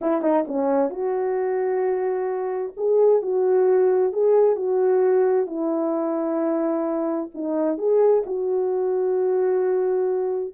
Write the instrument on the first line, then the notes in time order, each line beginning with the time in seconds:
horn
0.01 E4
0.21 D#4
0.47 C#4
0.90 F#4
2.76 G#4
3.22 F#4
4.12 G#4
4.56 F#4
5.46 E4
7.34 D#4
7.77 G#4
8.26 F#4